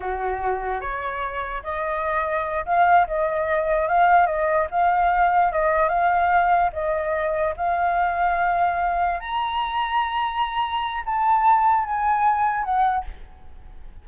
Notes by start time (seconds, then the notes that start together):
0.00 F#4
0.80 C#5
1.63 D#5
2.65 F5
3.07 D#5
3.88 F5
4.26 D#5
4.70 F5
5.52 D#5
5.88 F5
6.72 D#5
7.57 F5
9.20 A#5
11.05 A5
11.84 G#5
12.63 F#5